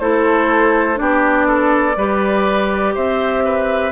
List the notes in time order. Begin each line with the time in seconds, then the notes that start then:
0.00 A3 E4 A4 C5
0.96 B3 D4 G4 D5
1.48 A4
1.97 G3 G4 B4
2.95 C4 C5 E5
3.45 B4